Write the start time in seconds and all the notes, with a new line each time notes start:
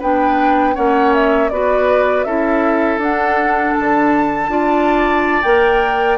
0.00 B3 D4 B4 G5
0.75 A#3 C#4 C#5 F#5
1.14 E5
1.50 B3 F#4 B4 D5
2.24 C#4 E4 A4 E5
2.98 D4 F#5
3.74 D3 A5
4.49 D4 F4 D5
5.43 A#3 A#4 G5